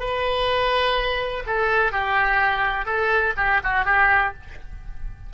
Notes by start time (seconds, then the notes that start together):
0.00 B4
1.46 A4
1.92 G4
2.86 A4
3.37 G4
3.64 F#4
3.86 G4